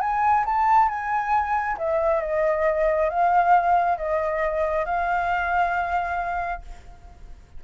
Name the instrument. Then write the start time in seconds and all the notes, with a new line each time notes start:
flute
0.00 G#5
0.45 A5
0.88 G#5
1.77 E5
2.21 D#5
3.09 F5
3.97 D#5
4.85 F5